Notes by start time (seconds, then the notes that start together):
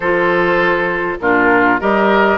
0.00 F3 F4 A4 C5
1.20 A#2 D4 F4 A#4
1.79 G3 G4 A#4 D#5